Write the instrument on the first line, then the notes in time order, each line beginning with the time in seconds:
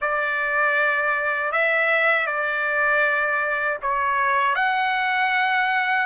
trumpet
0.01 D5
1.52 E5
2.26 D5
3.81 C#5
4.55 F#5